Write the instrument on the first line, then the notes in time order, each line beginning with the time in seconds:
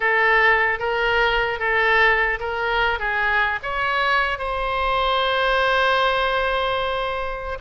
oboe
0.00 A4
0.79 A#4
1.59 A4
2.39 A#4
2.99 G#4
3.63 C#5
4.38 C5